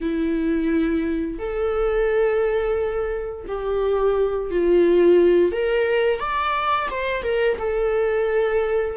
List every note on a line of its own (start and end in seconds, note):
0.00 1.38 E4
1.38 3.45 A4
3.47 4.50 G4
4.50 5.52 F4
5.52 6.19 A#4
6.19 6.88 D5
6.90 7.23 C5
7.23 7.57 A#4
7.59 8.97 A4